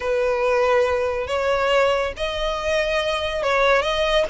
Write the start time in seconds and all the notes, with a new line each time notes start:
0.00 B4
1.27 C#5
2.16 D#5
3.43 C#5
3.82 D#5